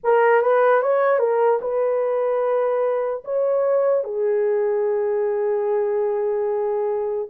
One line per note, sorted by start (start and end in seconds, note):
0.03 0.42 A#4
0.42 0.81 B4
0.81 1.19 C#5
1.19 1.59 A#4
1.61 3.23 B4
3.24 4.04 C#5
4.04 7.28 G#4